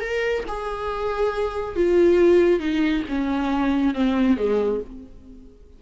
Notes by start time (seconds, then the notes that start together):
0.00 A#4
0.48 G#4
1.76 F4
2.59 D#4
3.08 C#4
3.94 C4
4.37 G#3